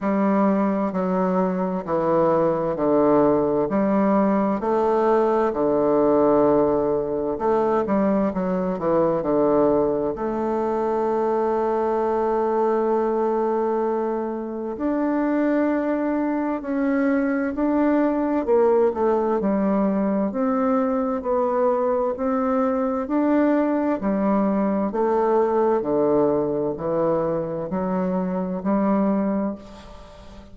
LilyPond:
\new Staff \with { instrumentName = "bassoon" } { \time 4/4 \tempo 4 = 65 g4 fis4 e4 d4 | g4 a4 d2 | a8 g8 fis8 e8 d4 a4~ | a1 |
d'2 cis'4 d'4 | ais8 a8 g4 c'4 b4 | c'4 d'4 g4 a4 | d4 e4 fis4 g4 | }